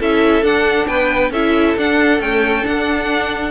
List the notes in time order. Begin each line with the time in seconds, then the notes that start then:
0.00 C#4 E4 A4 E5
0.42 D4 F#5
0.87 B3 B4 G5
1.31 C#4 E4 A4 E5
1.77 D4 F#5
2.20 A3 C#4 G5
2.63 D4 F#5